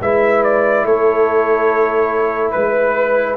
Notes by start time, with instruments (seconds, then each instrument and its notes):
0.00 tuba G#3, trombone E4, horn B4, trumpet E5
0.43 trumpet D5
0.84 tuba A3, horn A4, trumpet C#5
2.50 tuba G#3, trumpet B4, horn B4